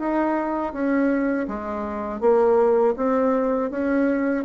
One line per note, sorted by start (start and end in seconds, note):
0.00 0.73 D#4
0.73 1.47 C#4
1.48 2.21 G#3
2.21 2.95 A#3
2.97 3.71 C4
3.71 4.45 C#4